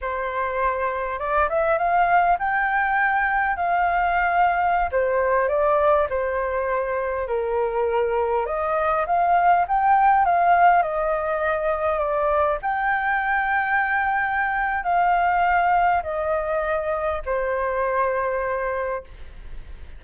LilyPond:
\new Staff \with { instrumentName = "flute" } { \time 4/4 \tempo 4 = 101 c''2 d''8 e''8 f''4 | g''2 f''2~ | f''16 c''4 d''4 c''4.~ c''16~ | c''16 ais'2 dis''4 f''8.~ |
f''16 g''4 f''4 dis''4.~ dis''16~ | dis''16 d''4 g''2~ g''8.~ | g''4 f''2 dis''4~ | dis''4 c''2. | }